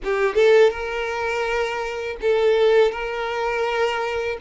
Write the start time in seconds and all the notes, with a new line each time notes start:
0.04 G4
0.34 A4
0.70 A#4
2.21 A4
2.91 A#4